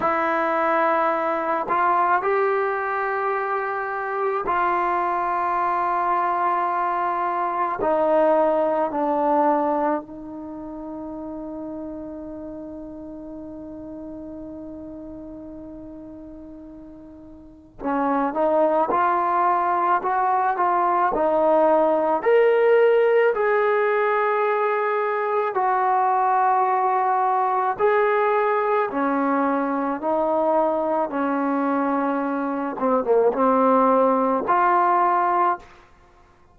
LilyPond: \new Staff \with { instrumentName = "trombone" } { \time 4/4 \tempo 4 = 54 e'4. f'8 g'2 | f'2. dis'4 | d'4 dis'2.~ | dis'1 |
cis'8 dis'8 f'4 fis'8 f'8 dis'4 | ais'4 gis'2 fis'4~ | fis'4 gis'4 cis'4 dis'4 | cis'4. c'16 ais16 c'4 f'4 | }